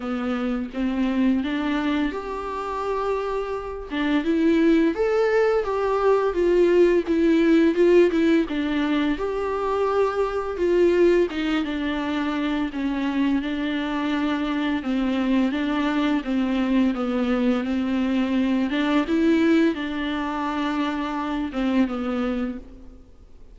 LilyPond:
\new Staff \with { instrumentName = "viola" } { \time 4/4 \tempo 4 = 85 b4 c'4 d'4 g'4~ | g'4. d'8 e'4 a'4 | g'4 f'4 e'4 f'8 e'8 | d'4 g'2 f'4 |
dis'8 d'4. cis'4 d'4~ | d'4 c'4 d'4 c'4 | b4 c'4. d'8 e'4 | d'2~ d'8 c'8 b4 | }